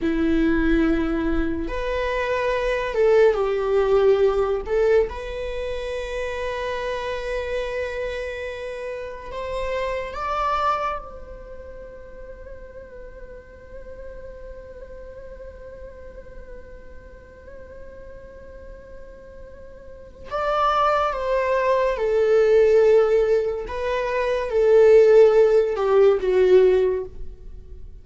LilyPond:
\new Staff \with { instrumentName = "viola" } { \time 4/4 \tempo 4 = 71 e'2 b'4. a'8 | g'4. a'8 b'2~ | b'2. c''4 | d''4 c''2.~ |
c''1~ | c''1 | d''4 c''4 a'2 | b'4 a'4. g'8 fis'4 | }